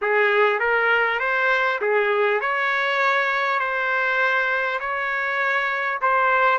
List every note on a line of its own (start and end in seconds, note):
0.01 0.59 G#4
0.59 1.19 A#4
1.19 1.79 C5
1.81 2.40 G#4
2.40 3.59 C#5
3.59 4.79 C5
4.80 6.00 C#5
6.01 6.58 C5